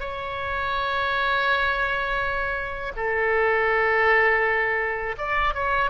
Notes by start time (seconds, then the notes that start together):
0.00 C#5
2.96 A4
5.18 D5
5.54 C#5